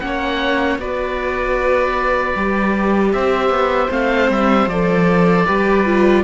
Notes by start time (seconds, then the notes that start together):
0.00 A#3 C#4 F#5
0.06 C#5
0.78 B3 F#4 B4 D5
2.35 G3 G4
3.12 C4 C5 E5
3.50 B3
3.89 A3 C4 F5
4.30 G3 E5
4.67 F3 A4 D5
5.46 G3 G4 B4
5.86 F4